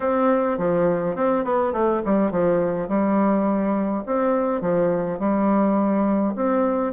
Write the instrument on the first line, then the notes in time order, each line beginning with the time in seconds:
bassoon
0.00 C4
0.57 F3
1.15 C4
1.44 B3
1.73 A3
2.05 G3
2.31 F3
2.88 G3
4.06 C4
4.61 F3
5.19 G3
6.35 C4